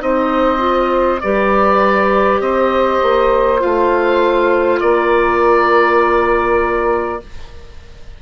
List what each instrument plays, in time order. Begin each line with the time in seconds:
0.00 bassoon C4, clarinet D#4, saxophone C5, oboe D#5
0.58 clarinet F4
1.21 bassoon G3, clarinet G4, saxophone B4, oboe D5
2.40 bassoon C4, saxophone C5, oboe D#5
3.02 bassoon A#3
3.60 bassoon A3, clarinet F4, oboe F5
4.80 bassoon A#3, saxophone A#4, oboe D5